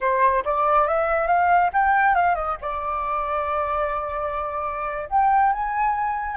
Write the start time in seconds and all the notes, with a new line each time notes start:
0.00 C5
0.44 D5
0.87 E5
1.27 F5
1.73 G5
2.15 F5
2.35 D#5
2.61 D5
5.09 G5
5.52 G#5